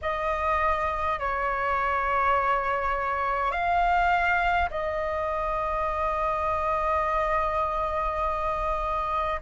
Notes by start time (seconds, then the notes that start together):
0.01 D#5
1.19 C#5
3.51 F5
4.70 D#5